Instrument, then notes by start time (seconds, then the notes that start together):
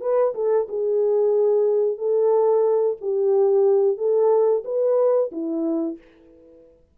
horn
0.00 B4
0.34 A4
0.68 G#4
1.98 A4
3.01 G4
3.97 A4
4.64 B4
5.32 E4